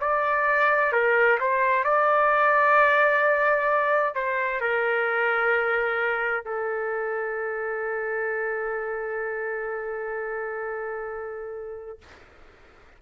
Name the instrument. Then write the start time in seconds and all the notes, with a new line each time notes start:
trumpet
0.00 D5
0.92 A#4
1.40 C5
1.84 D5
4.15 C5
4.60 A#4
6.44 A4